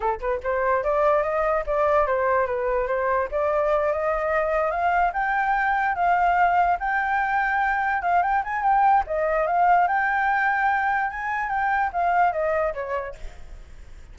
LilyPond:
\new Staff \with { instrumentName = "flute" } { \time 4/4 \tempo 4 = 146 a'8 b'8 c''4 d''4 dis''4 | d''4 c''4 b'4 c''4 | d''4. dis''2 f''8~ | f''8 g''2 f''4.~ |
f''8 g''2. f''8 | g''8 gis''8 g''4 dis''4 f''4 | g''2. gis''4 | g''4 f''4 dis''4 cis''4 | }